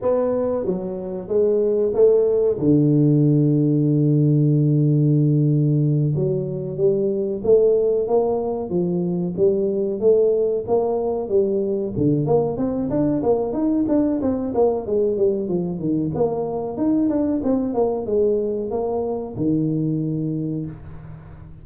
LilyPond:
\new Staff \with { instrumentName = "tuba" } { \time 4/4 \tempo 4 = 93 b4 fis4 gis4 a4 | d1~ | d4. fis4 g4 a8~ | a8 ais4 f4 g4 a8~ |
a8 ais4 g4 d8 ais8 c'8 | d'8 ais8 dis'8 d'8 c'8 ais8 gis8 g8 | f8 dis8 ais4 dis'8 d'8 c'8 ais8 | gis4 ais4 dis2 | }